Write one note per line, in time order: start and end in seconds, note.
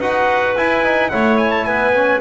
0.00 0.55 D#4
0.00 0.57 F#4
0.00 1.10 B4
0.00 0.56 F#5
0.57 0.84 E4
0.57 1.12 E4
0.57 1.09 G#5
0.84 1.11 D#4
1.09 1.67 A3
1.09 1.93 E4
1.09 1.67 C#5
1.09 1.37 F#5
1.37 1.51 G#5
1.51 1.65 A5
1.65 2.21 B3
1.65 2.21 B4
1.65 2.20 G#5
1.94 2.21 C#4